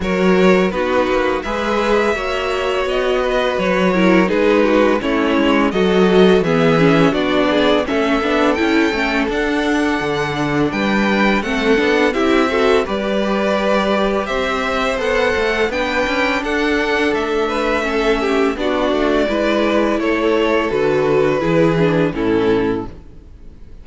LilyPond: <<
  \new Staff \with { instrumentName = "violin" } { \time 4/4 \tempo 4 = 84 cis''4 b'4 e''2 | dis''4 cis''4 b'4 cis''4 | dis''4 e''4 d''4 e''4 | g''4 fis''2 g''4 |
fis''4 e''4 d''2 | e''4 fis''4 g''4 fis''4 | e''2 d''2 | cis''4 b'2 a'4 | }
  \new Staff \with { instrumentName = "violin" } { \time 4/4 ais'4 fis'4 b'4 cis''4~ | cis''8 b'4 ais'8 gis'8 fis'8 e'4 | a'4 gis'4 fis'8 gis'8 a'4~ | a'2. b'4 |
a'4 g'8 a'8 b'2 | c''2 b'4 a'4~ | a'8 b'8 a'8 g'8 fis'4 b'4 | a'2 gis'4 e'4 | }
  \new Staff \with { instrumentName = "viola" } { \time 4/4 fis'4 dis'4 gis'4 fis'4~ | fis'4. e'8 dis'4 cis'4 | fis'4 b8 cis'8 d'4 cis'8 d'8 | e'8 cis'8 d'2. |
c'8 d'8 e'8 fis'8 g'2~ | g'4 a'4 d'2~ | d'4 cis'4 d'4 e'4~ | e'4 fis'4 e'8 d'8 cis'4 | }
  \new Staff \with { instrumentName = "cello" } { \time 4/4 fis4 b8 ais8 gis4 ais4 | b4 fis4 gis4 a8 gis8 | fis4 e4 b4 a8 b8 | cis'8 a8 d'4 d4 g4 |
a8 b8 c'4 g2 | c'4 b8 a8 b8 cis'8 d'4 | a2 b8 a8 gis4 | a4 d4 e4 a,4 | }
>>